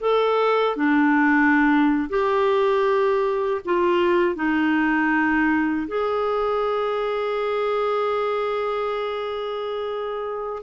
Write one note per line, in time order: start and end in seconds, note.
0.00 0.76 A4
0.76 2.09 D4
2.09 3.61 G4
3.65 4.35 F4
4.35 5.87 D#4
5.88 10.62 G#4